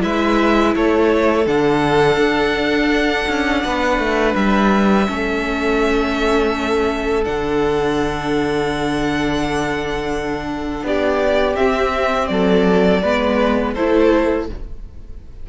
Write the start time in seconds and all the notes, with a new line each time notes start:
0.00 G#3 E4 B4 E5
0.75 A3 A4 C#5
1.46 D3 D4 F#5
2.17 D4
3.28 C#4
3.64 B3 B4
3.98 A3
4.35 G3 E5
5.06 A3 C#4 A4
7.23 D3 D4 F#5
10.83 B3 G4 D5
11.55 C4 E5
12.27 F#3 A4 D5
13.02 G#3 B3 B4
13.74 A3 E4 A4 C5